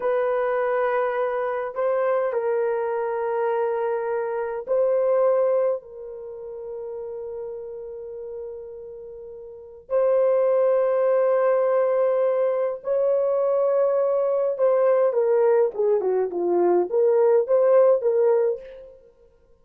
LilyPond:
\new Staff \with { instrumentName = "horn" } { \time 4/4 \tempo 4 = 103 b'2. c''4 | ais'1 | c''2 ais'2~ | ais'1~ |
ais'4 c''2.~ | c''2 cis''2~ | cis''4 c''4 ais'4 gis'8 fis'8 | f'4 ais'4 c''4 ais'4 | }